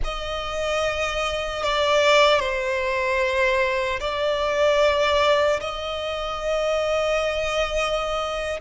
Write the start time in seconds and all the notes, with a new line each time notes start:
0.04 D#5
1.63 D5
2.39 C5
4.00 D5
5.60 D#5